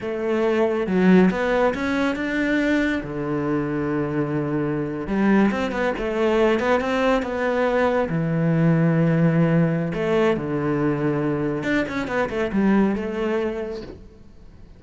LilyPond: \new Staff \with { instrumentName = "cello" } { \time 4/4 \tempo 4 = 139 a2 fis4 b4 | cis'4 d'2 d4~ | d2.~ d8. g16~ | g8. c'8 b8 a4. b8 c'16~ |
c'8. b2 e4~ e16~ | e2. a4 | d2. d'8 cis'8 | b8 a8 g4 a2 | }